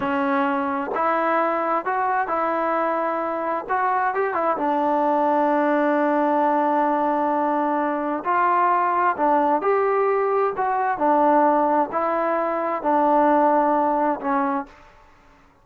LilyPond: \new Staff \with { instrumentName = "trombone" } { \time 4/4 \tempo 4 = 131 cis'2 e'2 | fis'4 e'2. | fis'4 g'8 e'8 d'2~ | d'1~ |
d'2 f'2 | d'4 g'2 fis'4 | d'2 e'2 | d'2. cis'4 | }